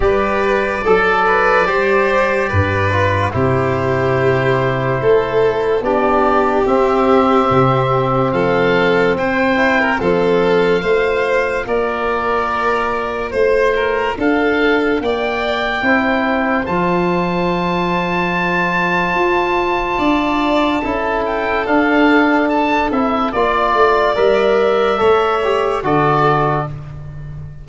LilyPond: <<
  \new Staff \with { instrumentName = "oboe" } { \time 4/4 \tempo 4 = 72 d''1 | c''2. d''4 | e''2 f''4 g''4 | f''2 d''2 |
c''4 f''4 g''2 | a''1~ | a''4. g''8 f''4 a''8 e''8 | d''4 e''2 d''4 | }
  \new Staff \with { instrumentName = "violin" } { \time 4/4 b'4 a'8 b'8 c''4 b'4 | g'2 a'4 g'4~ | g'2 a'4 c''8. ais'16 | a'4 c''4 ais'2 |
c''8 ais'8 a'4 d''4 c''4~ | c''1 | d''4 a'2. | d''2 cis''4 a'4 | }
  \new Staff \with { instrumentName = "trombone" } { \time 4/4 g'4 a'4 g'4. f'8 | e'2. d'4 | c'2.~ c'8 e'8 | c'4 f'2.~ |
f'2. e'4 | f'1~ | f'4 e'4 d'4. e'8 | f'4 ais'4 a'8 g'8 fis'4 | }
  \new Staff \with { instrumentName = "tuba" } { \time 4/4 g4 fis4 g4 g,4 | c2 a4 b4 | c'4 c4 f4 c'4 | f4 a4 ais2 |
a4 d'4 ais4 c'4 | f2. f'4 | d'4 cis'4 d'4. c'8 | ais8 a8 g4 a4 d4 | }
>>